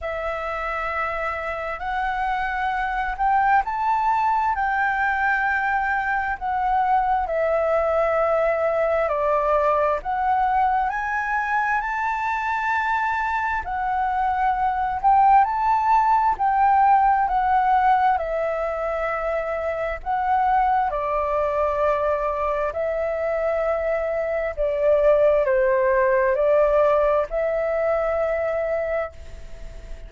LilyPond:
\new Staff \with { instrumentName = "flute" } { \time 4/4 \tempo 4 = 66 e''2 fis''4. g''8 | a''4 g''2 fis''4 | e''2 d''4 fis''4 | gis''4 a''2 fis''4~ |
fis''8 g''8 a''4 g''4 fis''4 | e''2 fis''4 d''4~ | d''4 e''2 d''4 | c''4 d''4 e''2 | }